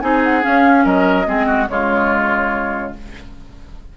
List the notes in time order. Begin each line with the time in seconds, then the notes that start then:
0.00 C4 D#4 G#4 G#5
0.23 F#5
0.42 C#4 F5
0.84 F#3 A#4 D#5
1.26 G#3 C4 G#4
1.46 F#4
1.68 C#3 G#3 F4 C#5